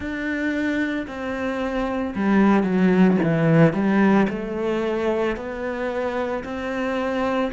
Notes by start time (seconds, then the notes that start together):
0.00 D4
1.07 C4
2.15 G3
2.63 F#3
3.23 E3
3.73 G3
4.29 A3
5.36 B3
6.44 C4